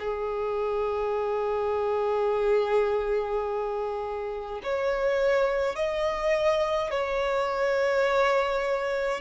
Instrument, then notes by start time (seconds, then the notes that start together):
violin
0.00 G#4
4.64 C#5
5.76 D#5
6.91 C#5